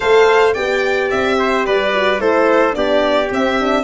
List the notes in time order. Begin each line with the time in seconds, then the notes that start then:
0.00 A3 A4 C5 F5
0.53 B3 G4 D5 G5
1.10 C4 E5
1.38 C5
1.66 G3 B4 D5
1.94 F#4
2.19 A3 E4 A4 C5
2.71 B3 D4 G4 D5
3.30 C4 E5
3.59 D4